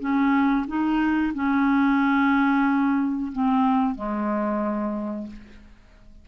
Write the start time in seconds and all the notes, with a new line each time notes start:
0.00 C#4
0.67 D#4
1.34 C#4
3.32 C4
3.95 G#3